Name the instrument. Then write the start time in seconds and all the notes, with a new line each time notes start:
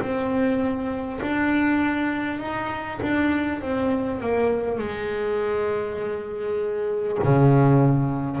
double bass
0.00 C4
1.21 D4
2.39 D#4
3.02 D4
3.61 C4
4.20 A#3
4.78 G#3
7.23 C#3